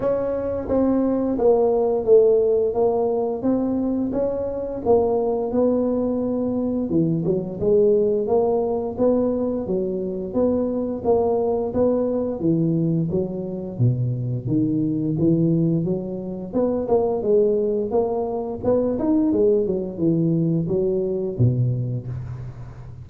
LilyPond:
\new Staff \with { instrumentName = "tuba" } { \time 4/4 \tempo 4 = 87 cis'4 c'4 ais4 a4 | ais4 c'4 cis'4 ais4 | b2 e8 fis8 gis4 | ais4 b4 fis4 b4 |
ais4 b4 e4 fis4 | b,4 dis4 e4 fis4 | b8 ais8 gis4 ais4 b8 dis'8 | gis8 fis8 e4 fis4 b,4 | }